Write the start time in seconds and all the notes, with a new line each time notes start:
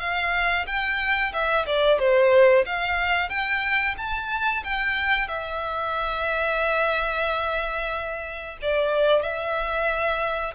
0.00 F5
0.67 G5
1.33 E5
1.67 D5
1.99 C5
2.66 F5
3.29 G5
3.98 A5
4.64 G5
5.28 E5
8.62 D5
9.22 E5